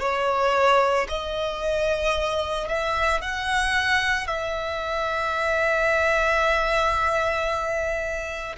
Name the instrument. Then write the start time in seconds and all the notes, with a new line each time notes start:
violin
0.00 C#5
1.09 D#5
2.68 E5
3.22 F#5
4.27 E5